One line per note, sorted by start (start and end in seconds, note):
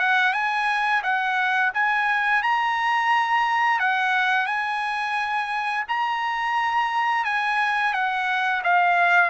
0.00 0.34 F#5
0.34 1.03 G#5
1.03 1.72 F#5
1.74 2.43 G#5
2.43 3.80 A#5
3.80 4.46 F#5
4.46 5.84 G#5
5.88 7.25 A#5
7.25 7.94 G#5
7.94 8.63 F#5
8.64 9.31 F5